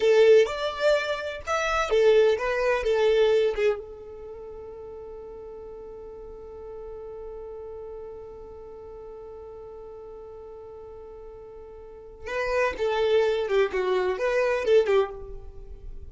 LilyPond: \new Staff \with { instrumentName = "violin" } { \time 4/4 \tempo 4 = 127 a'4 d''2 e''4 | a'4 b'4 a'4. gis'8 | a'1~ | a'1~ |
a'1~ | a'1~ | a'2 b'4 a'4~ | a'8 g'8 fis'4 b'4 a'8 g'8 | }